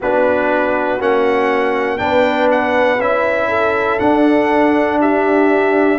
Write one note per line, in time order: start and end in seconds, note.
0.00 1.00 B3
0.00 0.99 D4
0.00 1.97 F#4
0.00 1.01 B4
0.99 2.00 A#3
0.99 1.97 C#4
0.99 1.97 F#5
1.97 2.99 B3
1.97 2.98 D4
1.97 3.48 B4
1.97 2.48 G5
2.51 3.00 F#5
2.99 3.99 C#4
2.99 3.99 E4
2.99 3.99 E5
3.48 4.98 A4
3.99 5.98 D4
3.99 4.99 F#5
5.00 5.98 G4
5.00 5.98 E5